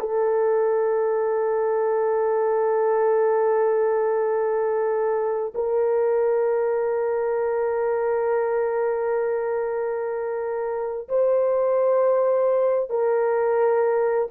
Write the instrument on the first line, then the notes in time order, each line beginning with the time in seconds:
horn
0.00 A4
5.55 A#4
11.09 C5
12.90 A#4